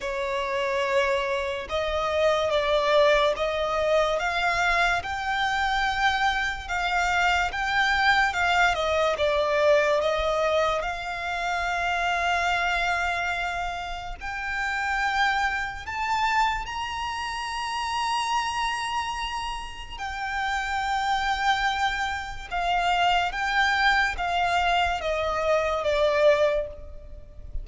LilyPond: \new Staff \with { instrumentName = "violin" } { \time 4/4 \tempo 4 = 72 cis''2 dis''4 d''4 | dis''4 f''4 g''2 | f''4 g''4 f''8 dis''8 d''4 | dis''4 f''2.~ |
f''4 g''2 a''4 | ais''1 | g''2. f''4 | g''4 f''4 dis''4 d''4 | }